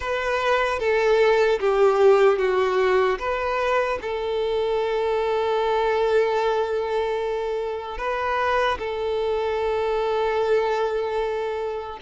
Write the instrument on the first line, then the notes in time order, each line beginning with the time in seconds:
violin
0.00 B4
0.79 A4
1.60 G4
2.38 F#4
3.19 B4
4.01 A4
7.98 B4
8.79 A4